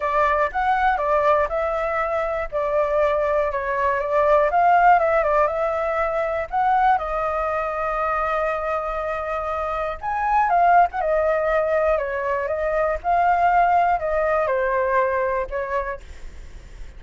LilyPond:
\new Staff \with { instrumentName = "flute" } { \time 4/4 \tempo 4 = 120 d''4 fis''4 d''4 e''4~ | e''4 d''2 cis''4 | d''4 f''4 e''8 d''8 e''4~ | e''4 fis''4 dis''2~ |
dis''1 | gis''4 f''8. fis''16 dis''2 | cis''4 dis''4 f''2 | dis''4 c''2 cis''4 | }